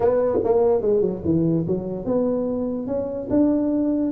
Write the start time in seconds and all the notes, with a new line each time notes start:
0.00 B3
0.44 A#3
0.81 G#3
1.01 F#3
1.24 E3
1.67 F#3
2.05 B3
2.86 C#4
3.30 D4